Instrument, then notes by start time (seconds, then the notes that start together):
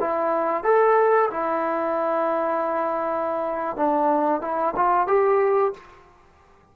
trombone
0.00 E4
0.64 A4
1.31 E4
3.76 D4
4.41 E4
4.76 F4
5.07 G4